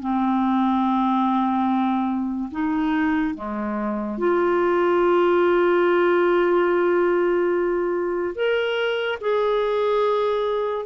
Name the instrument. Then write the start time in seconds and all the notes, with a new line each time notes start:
clarinet
0.00 C4
2.51 D#4
3.34 G#3
4.18 F4
8.35 A#4
9.20 G#4